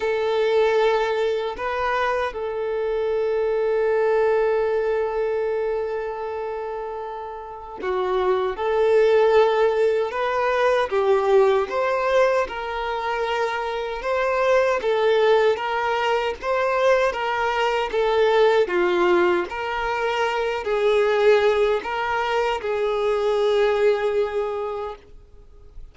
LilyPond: \new Staff \with { instrumentName = "violin" } { \time 4/4 \tempo 4 = 77 a'2 b'4 a'4~ | a'1~ | a'2 fis'4 a'4~ | a'4 b'4 g'4 c''4 |
ais'2 c''4 a'4 | ais'4 c''4 ais'4 a'4 | f'4 ais'4. gis'4. | ais'4 gis'2. | }